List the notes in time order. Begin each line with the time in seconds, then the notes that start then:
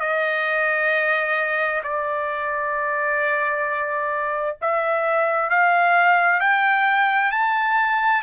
0.00 D#5
1.83 D5
4.62 E5
5.50 F5
6.40 G5
7.31 A5